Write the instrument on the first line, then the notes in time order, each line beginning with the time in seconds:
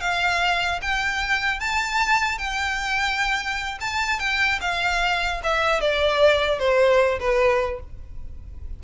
violin
0.00 F5
0.82 G5
1.60 A5
2.38 G5
3.80 A5
4.19 G5
4.61 F5
5.43 E5
5.81 D5
6.59 C5
7.20 B4